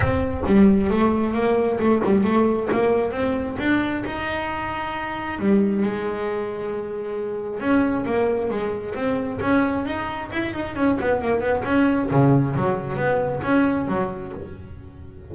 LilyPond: \new Staff \with { instrumentName = "double bass" } { \time 4/4 \tempo 4 = 134 c'4 g4 a4 ais4 | a8 g8 a4 ais4 c'4 | d'4 dis'2. | g4 gis2.~ |
gis4 cis'4 ais4 gis4 | c'4 cis'4 dis'4 e'8 dis'8 | cis'8 b8 ais8 b8 cis'4 cis4 | fis4 b4 cis'4 fis4 | }